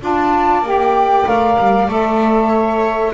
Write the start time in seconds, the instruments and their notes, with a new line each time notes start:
0.00 double bass D4, saxophone F4, viola D5, flute A5
0.62 double bass A#3, saxophone G4, flute G5
1.26 double bass A3, saxophone A#4, flute F5
1.59 double bass G3
1.88 double bass A3, saxophone A4, flute E5
2.49 viola C#5